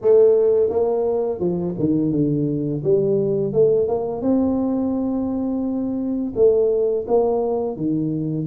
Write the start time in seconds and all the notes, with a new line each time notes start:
0.01 A3
0.69 A#3
1.39 F3
1.78 D#3
2.12 D3
2.83 G3
3.53 A3
3.88 A#3
4.21 C4
6.35 A3
7.07 A#3
7.76 D#3